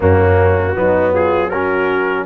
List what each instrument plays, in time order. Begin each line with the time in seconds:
0.00 tuba F#2, trombone A#3, horn C#4, trumpet F#4
0.75 tuba F#3, trombone B3, horn D#4
1.12 horn F4, trumpet G#4
1.49 trombone C#4, horn F#4, trumpet A#4